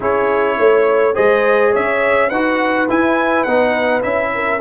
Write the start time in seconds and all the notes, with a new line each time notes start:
0.00 C#4 E4 G#4 C#5
0.58 A3 C#5
1.14 G#3 G#4 C5 D#5
1.71 C#4 C#5 E5
2.28 D#4 F#4 B4 F#5
2.88 E4 G#5
3.43 B3 D#4 F#5
4.02 C#4 E4 E5
4.34 A#4